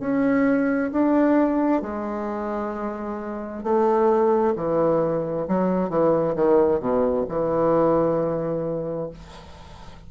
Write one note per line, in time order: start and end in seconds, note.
0.00 0.91 C#4
0.92 1.82 D4
1.82 3.64 G#3
3.64 4.55 A3
4.56 5.47 E3
5.48 5.90 F#3
5.90 6.35 E3
6.36 6.80 D#3
6.80 7.25 B2
7.29 9.11 E3